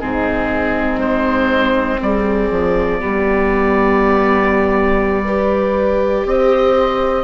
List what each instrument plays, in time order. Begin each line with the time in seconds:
0.00 bassoon G#2, viola C4, horn D#4, oboe G#4
0.97 bassoon G#3, oboe C5
2.01 bassoon G3, horn G#4, oboe D5
2.50 bassoon F3
3.00 bassoon G3, viola B3, horn G4
5.25 viola G4, horn B4
6.25 bassoon C4, horn C5, oboe D#5